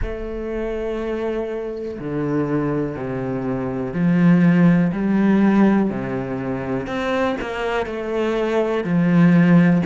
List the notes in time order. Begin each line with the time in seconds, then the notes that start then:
0.01 A3
1.99 D3
2.96 C3
3.93 F3
4.92 G3
5.90 C3
6.86 C4
7.40 A#3
7.86 A3
8.83 F3